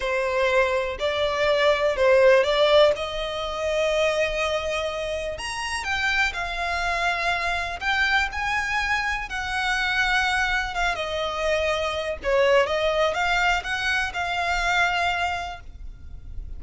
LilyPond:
\new Staff \with { instrumentName = "violin" } { \time 4/4 \tempo 4 = 123 c''2 d''2 | c''4 d''4 dis''2~ | dis''2. ais''4 | g''4 f''2. |
g''4 gis''2 fis''4~ | fis''2 f''8 dis''4.~ | dis''4 cis''4 dis''4 f''4 | fis''4 f''2. | }